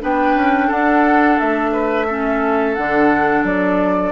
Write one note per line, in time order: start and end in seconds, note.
0.00 0.35 B3
0.00 2.07 D4
0.00 0.67 B4
0.00 0.70 G5
0.35 0.69 C#4
0.67 1.39 D4
0.67 1.70 A4
0.67 1.39 F#5
1.39 2.77 A3
1.39 2.74 E5
1.72 2.06 B4
2.07 2.76 C#4
2.07 4.11 A4
2.74 3.43 D3
2.74 4.11 D4
2.74 3.43 F#5
3.43 4.11 F#3
3.43 4.11 D5